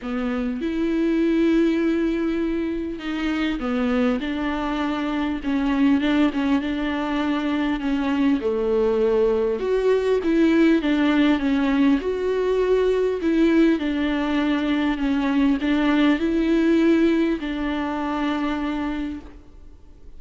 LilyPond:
\new Staff \with { instrumentName = "viola" } { \time 4/4 \tempo 4 = 100 b4 e'2.~ | e'4 dis'4 b4 d'4~ | d'4 cis'4 d'8 cis'8 d'4~ | d'4 cis'4 a2 |
fis'4 e'4 d'4 cis'4 | fis'2 e'4 d'4~ | d'4 cis'4 d'4 e'4~ | e'4 d'2. | }